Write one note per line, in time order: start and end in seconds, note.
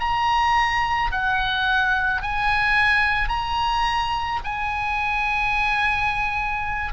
0.00 1.11 A#5
1.12 2.22 F#5
2.22 3.29 G#5
3.29 4.40 A#5
4.44 6.93 G#5